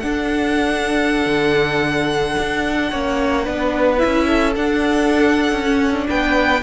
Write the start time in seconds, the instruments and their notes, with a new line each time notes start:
0.00 viola D4, cello D4, violin A4 F#5
1.26 cello D3
2.38 cello D4
2.90 cello A#3, viola C#4, violin C#5
3.45 cello B3, viola D4, violin B4
3.98 viola E4, violin E5
4.05 cello C#4
4.27 violin A4
4.56 cello D4, viola D4, violin F#5
5.52 cello C#4
5.65 viola C#4
5.92 viola D4
6.09 cello B3, violin B4 G5